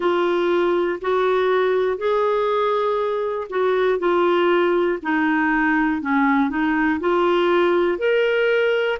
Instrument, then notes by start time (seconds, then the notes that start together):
clarinet
0.00 F4
1.01 F#4
1.97 G#4
3.50 F#4
3.98 F4
5.02 D#4
6.01 C#4
6.50 D#4
7.00 F4
7.98 A#4